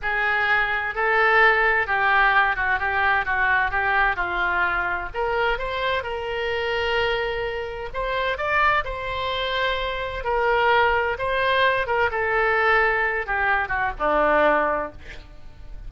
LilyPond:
\new Staff \with { instrumentName = "oboe" } { \time 4/4 \tempo 4 = 129 gis'2 a'2 | g'4. fis'8 g'4 fis'4 | g'4 f'2 ais'4 | c''4 ais'2.~ |
ais'4 c''4 d''4 c''4~ | c''2 ais'2 | c''4. ais'8 a'2~ | a'8 g'4 fis'8 d'2 | }